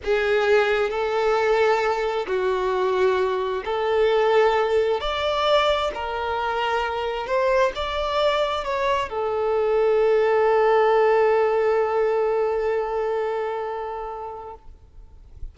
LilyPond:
\new Staff \with { instrumentName = "violin" } { \time 4/4 \tempo 4 = 132 gis'2 a'2~ | a'4 fis'2. | a'2. d''4~ | d''4 ais'2. |
c''4 d''2 cis''4 | a'1~ | a'1~ | a'1 | }